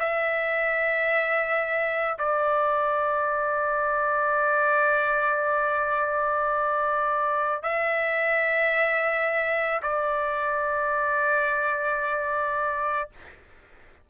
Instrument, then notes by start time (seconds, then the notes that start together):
trumpet
0.00 E5
2.19 D5
7.63 E5
9.83 D5